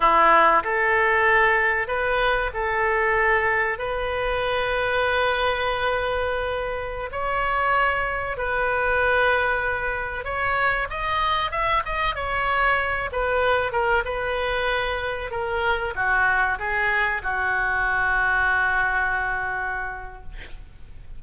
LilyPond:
\new Staff \with { instrumentName = "oboe" } { \time 4/4 \tempo 4 = 95 e'4 a'2 b'4 | a'2 b'2~ | b'2.~ b'16 cis''8.~ | cis''4~ cis''16 b'2~ b'8.~ |
b'16 cis''4 dis''4 e''8 dis''8 cis''8.~ | cis''8. b'4 ais'8 b'4.~ b'16~ | b'16 ais'4 fis'4 gis'4 fis'8.~ | fis'1 | }